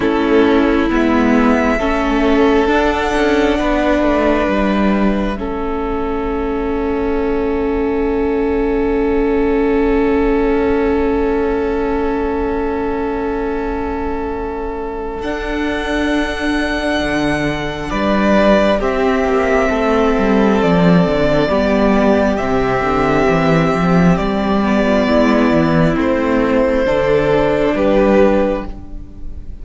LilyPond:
<<
  \new Staff \with { instrumentName = "violin" } { \time 4/4 \tempo 4 = 67 a'4 e''2 fis''4~ | fis''4 e''2.~ | e''1~ | e''1~ |
e''4 fis''2. | d''4 e''2 d''4~ | d''4 e''2 d''4~ | d''4 c''2 b'4 | }
  \new Staff \with { instrumentName = "violin" } { \time 4/4 e'2 a'2 | b'2 a'2~ | a'1~ | a'1~ |
a'1 | b'4 g'4 a'2 | g'2.~ g'8. f'16 | e'2 a'4 g'4 | }
  \new Staff \with { instrumentName = "viola" } { \time 4/4 cis'4 b4 cis'4 d'4~ | d'2 cis'2~ | cis'1~ | cis'1~ |
cis'4 d'2.~ | d'4 c'2. | b4 c'2~ c'8 b8~ | b4 c'4 d'2 | }
  \new Staff \with { instrumentName = "cello" } { \time 4/4 a4 gis4 a4 d'8 cis'8 | b8 a8 g4 a2~ | a1~ | a1~ |
a4 d'2 d4 | g4 c'8 ais8 a8 g8 f8 d8 | g4 c8 d8 e8 f8 g4 | gis8 e8 a4 d4 g4 | }
>>